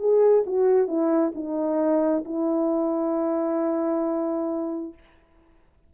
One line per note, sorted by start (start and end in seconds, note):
0.00 0.45 G#4
0.47 0.88 F#4
0.88 1.33 E4
1.36 2.25 D#4
2.26 4.94 E4